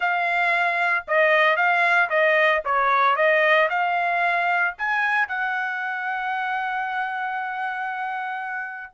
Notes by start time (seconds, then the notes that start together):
0.00 F5
1.07 D#5
1.56 F5
2.09 D#5
2.64 C#5
3.16 D#5
3.69 F5
4.78 G#5
5.28 F#5